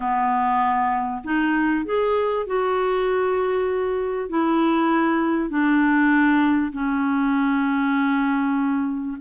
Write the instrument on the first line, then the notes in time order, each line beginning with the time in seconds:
clarinet
0.00 B3
1.24 D#4
1.85 G#4
2.46 F#4
4.29 E4
5.49 D4
6.72 C#4